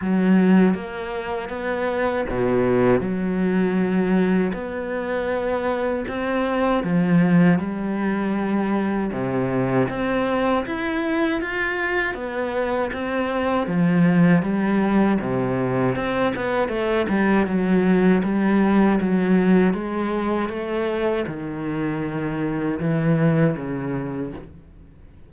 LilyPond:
\new Staff \with { instrumentName = "cello" } { \time 4/4 \tempo 4 = 79 fis4 ais4 b4 b,4 | fis2 b2 | c'4 f4 g2 | c4 c'4 e'4 f'4 |
b4 c'4 f4 g4 | c4 c'8 b8 a8 g8 fis4 | g4 fis4 gis4 a4 | dis2 e4 cis4 | }